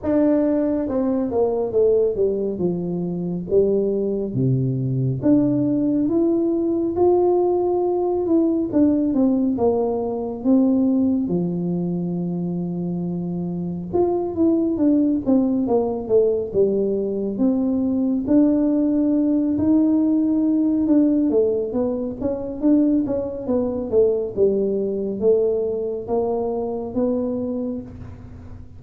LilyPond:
\new Staff \with { instrumentName = "tuba" } { \time 4/4 \tempo 4 = 69 d'4 c'8 ais8 a8 g8 f4 | g4 c4 d'4 e'4 | f'4. e'8 d'8 c'8 ais4 | c'4 f2. |
f'8 e'8 d'8 c'8 ais8 a8 g4 | c'4 d'4. dis'4. | d'8 a8 b8 cis'8 d'8 cis'8 b8 a8 | g4 a4 ais4 b4 | }